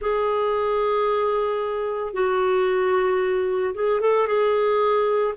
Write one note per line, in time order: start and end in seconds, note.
0.01 2.13 G#4
2.13 3.74 F#4
3.74 4.00 G#4
4.00 4.27 A4
4.27 5.34 G#4